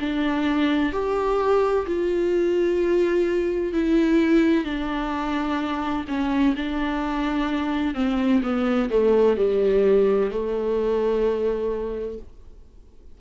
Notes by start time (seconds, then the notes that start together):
0.00 D4
0.93 G4
1.87 F4
3.74 E4
4.64 D4
6.09 C#4
6.56 D4
7.95 C4
8.43 B3
8.91 A3
9.37 G3
10.31 A3